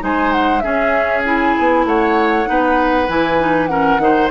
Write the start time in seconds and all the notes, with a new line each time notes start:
0.00 G#3 D#4 C5 G#5
0.33 F#5
0.60 C#4 G#4 E5
1.24 E4 G#5
1.59 B3
1.85 A3 C#5 F#5
2.46 B3 D#4 B4
3.08 E3 E4 G#5
3.39 D#4
3.67 C#4 A#4 F#5
3.99 D#3 D#4 C5